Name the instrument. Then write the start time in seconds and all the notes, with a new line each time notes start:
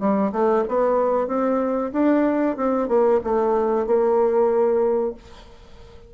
bassoon
0.00 G3
0.32 A3
0.68 B3
1.27 C4
1.93 D4
2.57 C4
2.88 A#3
3.24 A3
3.87 A#3